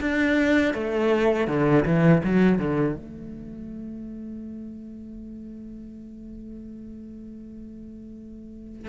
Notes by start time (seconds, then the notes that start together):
0.00 D4
0.73 A3
1.47 D3
1.85 E3
2.23 F#3
2.59 D3
2.96 A3